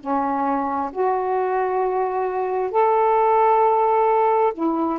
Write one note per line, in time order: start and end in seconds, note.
0.00 0.91 C#4
0.92 2.71 F#4
2.71 4.53 A4
4.54 4.99 E4